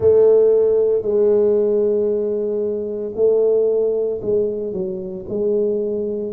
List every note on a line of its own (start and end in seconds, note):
0.00 1.01 A3
1.01 3.12 G#3
3.15 4.20 A3
4.21 4.73 G#3
4.73 5.25 F#3
5.29 6.33 G#3